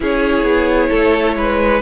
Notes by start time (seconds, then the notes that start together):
0.00 C#4 E4 G#4 C#5
0.42 B3
0.89 A3 A4
1.36 G#3 B4